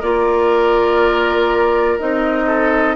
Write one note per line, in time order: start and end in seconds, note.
0.00 1.98 A#3
0.00 2.00 F4
0.00 2.46 A#4
0.00 1.98 D5
1.99 2.96 C4
1.99 2.96 D#4
1.99 2.96 D#5
2.46 2.95 A4